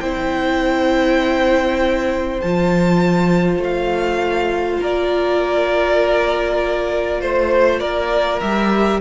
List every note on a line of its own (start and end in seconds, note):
0.00 2.41 C4
0.00 2.43 E4
0.00 4.80 C5
0.00 2.40 G5
2.41 3.58 F3
2.41 8.42 F4
2.41 3.61 A5
3.58 4.78 A3
3.58 4.83 F5
4.80 7.21 A#3
4.80 7.21 A#4
4.80 7.21 D5
7.21 7.81 A3
7.21 7.80 C5
7.21 7.79 C5
7.79 8.41 A#3
7.79 9.00 A#4
7.79 8.39 D5
8.41 9.01 G3
8.41 9.01 G4
8.41 9.01 E5